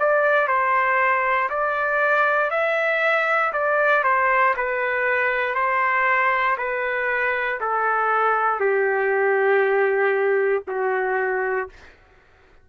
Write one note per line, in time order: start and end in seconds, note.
0.00 0.48 D5
0.48 1.50 C5
1.50 2.51 D5
2.51 3.53 E5
3.53 4.04 D5
4.04 4.55 C5
4.57 5.56 B4
5.56 6.57 C5
6.58 7.60 B4
7.61 8.61 A4
8.61 10.64 G4
10.68 11.70 F#4